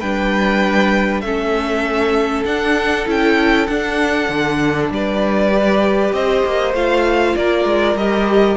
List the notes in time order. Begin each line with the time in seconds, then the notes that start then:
0.00 G3 D4 B4 G5
1.21 A3 C#4 A4 E5
2.45 D4 F#5
3.06 C#4 E4 G5
3.67 D4 F#5
4.29 D3
4.90 G3 B4 D5
5.52 G4
6.13 C4 C5 D#5
6.46 A#3
6.74 A3 F4 F5
7.36 A#3 A#4 D5
7.65 G#3
7.95 G3 G4 D#5